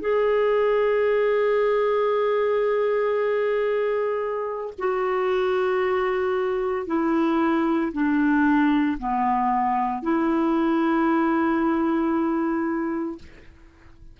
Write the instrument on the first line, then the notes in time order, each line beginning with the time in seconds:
clarinet
0.00 G#4
4.78 F#4
6.87 E4
7.92 D4
8.98 B3
10.02 E4